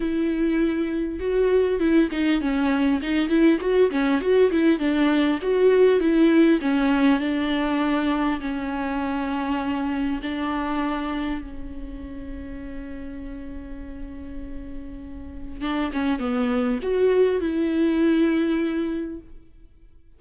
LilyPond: \new Staff \with { instrumentName = "viola" } { \time 4/4 \tempo 4 = 100 e'2 fis'4 e'8 dis'8 | cis'4 dis'8 e'8 fis'8 cis'8 fis'8 e'8 | d'4 fis'4 e'4 cis'4 | d'2 cis'2~ |
cis'4 d'2 cis'4~ | cis'1~ | cis'2 d'8 cis'8 b4 | fis'4 e'2. | }